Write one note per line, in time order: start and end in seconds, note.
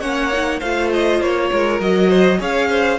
0.00 0.61 A#3
0.00 0.31 C#4
0.00 0.59 C#5
0.00 0.59 F#5
0.32 0.62 D#4
0.59 1.20 A3
0.59 1.81 F4
0.59 1.48 C5
0.59 0.90 F5
0.93 1.22 D#5
1.20 1.50 A#3
1.20 1.81 C#5
1.51 1.80 G#3
1.51 2.09 A#4
1.80 2.39 F#3
1.80 2.38 F#4
1.80 2.40 D#5
2.09 2.39 C5
2.38 2.99 C#4
2.38 2.98 G#4
2.38 2.69 C#5
2.38 2.99 F5
2.70 2.99 C5